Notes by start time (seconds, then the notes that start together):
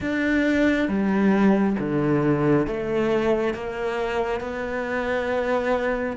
0.00 D4
0.88 G3
1.79 D3
2.66 A3
3.53 A#3
4.40 B3